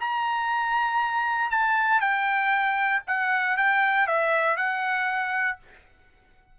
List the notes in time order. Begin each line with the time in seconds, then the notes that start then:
0.00 A#5
1.51 A5
2.01 G5
3.07 F#5
3.57 G5
4.07 E5
4.57 F#5